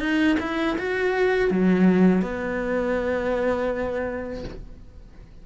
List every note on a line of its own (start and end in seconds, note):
0.00 0.37 D#4
0.40 0.77 E4
0.78 1.51 F#4
1.51 2.22 F#3
2.22 4.44 B3